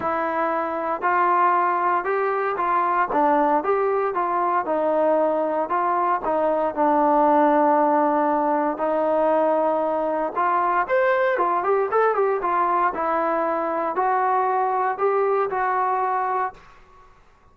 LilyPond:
\new Staff \with { instrumentName = "trombone" } { \time 4/4 \tempo 4 = 116 e'2 f'2 | g'4 f'4 d'4 g'4 | f'4 dis'2 f'4 | dis'4 d'2.~ |
d'4 dis'2. | f'4 c''4 f'8 g'8 a'8 g'8 | f'4 e'2 fis'4~ | fis'4 g'4 fis'2 | }